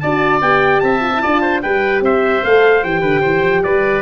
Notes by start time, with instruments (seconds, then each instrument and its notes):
0.00 tuba D4, horn F#4, oboe D5, trumpet A5
0.42 tuba B3, horn G4, trumpet G5
0.80 tuba C4, oboe E5, trumpet A5
1.01 horn F4
1.15 horn E4
1.23 tuba D4, horn F4, oboe D5
1.42 oboe C5
1.62 tuba G3, horn G4, oboe B4, trumpet G5
2.01 tuba C4, oboe C5, trumpet E5
2.43 tuba A3, horn A4, trumpet F5
2.84 tuba E3, horn G4, trumpet G5
3.01 tuba D3, oboe B4
3.21 tuba E3, oboe C5
3.43 tuba F3
3.64 tuba G3, oboe B4, trumpet D5